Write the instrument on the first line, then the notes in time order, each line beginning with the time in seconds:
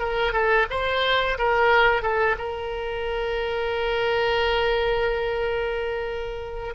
oboe
0.00 A#4
0.33 A4
0.71 C5
1.39 A#4
2.03 A4
2.39 A#4